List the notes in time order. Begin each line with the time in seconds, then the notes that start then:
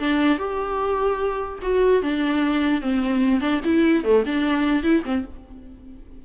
0.00 D4
0.39 G4
1.63 F#4
2.03 D4
2.82 C4
3.41 D4
3.65 E4
4.04 A3
4.26 D4
4.83 E4
5.05 C4